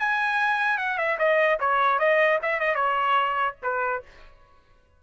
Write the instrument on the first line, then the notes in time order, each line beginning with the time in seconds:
trumpet
0.00 G#5
0.78 F#5
0.98 E5
1.19 D#5
1.60 C#5
2.00 D#5
2.43 E5
2.60 D#5
2.75 C#5
3.63 B4